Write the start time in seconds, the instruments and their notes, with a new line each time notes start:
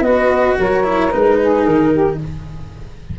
0.00 tuba B3, cello F#4, saxophone B4, flute D#5
0.58 tuba F#3, saxophone A#4, flute C#5
0.83 cello E4
1.10 tuba G#3, cello D#4, flute B4
1.40 saxophone G#4
1.64 tuba D#3, flute A#4
1.92 saxophone G4